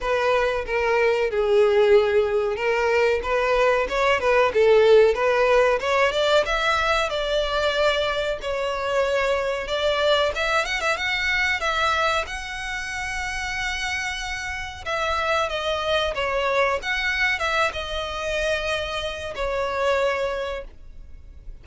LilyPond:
\new Staff \with { instrumentName = "violin" } { \time 4/4 \tempo 4 = 93 b'4 ais'4 gis'2 | ais'4 b'4 cis''8 b'8 a'4 | b'4 cis''8 d''8 e''4 d''4~ | d''4 cis''2 d''4 |
e''8 fis''16 e''16 fis''4 e''4 fis''4~ | fis''2. e''4 | dis''4 cis''4 fis''4 e''8 dis''8~ | dis''2 cis''2 | }